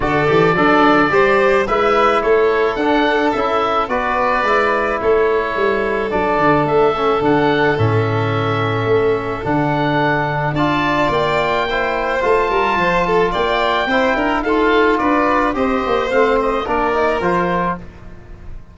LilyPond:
<<
  \new Staff \with { instrumentName = "oboe" } { \time 4/4 \tempo 4 = 108 d''2. e''4 | cis''4 fis''4 e''4 d''4~ | d''4 cis''2 d''4 | e''4 fis''4 e''2~ |
e''4 fis''2 a''4 | g''2 a''2 | g''2 f''4 d''4 | dis''4 f''8 dis''8 d''4 c''4 | }
  \new Staff \with { instrumentName = "violin" } { \time 4/4 a'4 d'4 c''4 b'4 | a'2. b'4~ | b'4 a'2.~ | a'1~ |
a'2. d''4~ | d''4 c''4. ais'8 c''8 a'8 | d''4 c''8 ais'8 a'4 b'4 | c''2 ais'2 | }
  \new Staff \with { instrumentName = "trombone" } { \time 4/4 fis'8 g'8 a'4 g'4 e'4~ | e'4 d'4 e'4 fis'4 | e'2. d'4~ | d'8 cis'8 d'4 cis'2~ |
cis'4 d'2 f'4~ | f'4 e'4 f'2~ | f'4 e'4 f'2 | g'4 c'4 d'8 dis'8 f'4 | }
  \new Staff \with { instrumentName = "tuba" } { \time 4/4 d8 e8 fis4 g4 gis4 | a4 d'4 cis'4 b4 | gis4 a4 g4 fis8 d8 | a4 d4 a,2 |
a4 d2 d'4 | ais2 a8 g8 f4 | ais4 c'8 d'8 dis'4 d'4 | c'8 ais8 a4 ais4 f4 | }
>>